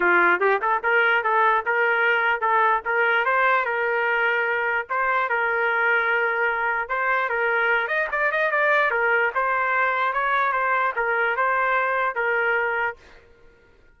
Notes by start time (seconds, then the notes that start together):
0.00 F4
0.39 G4
0.61 A4
0.83 A#4
1.23 A4
1.65 A#4
2.40 A4
2.85 A#4
3.25 C5
3.65 A#4
4.89 C5
5.29 A#4
6.88 C5
7.29 A#4
7.87 D#5
8.11 D5
8.31 D#5
8.51 D5
8.90 A#4
9.34 C5
10.13 C#5
10.52 C5
10.96 A#4
11.36 C5
12.15 A#4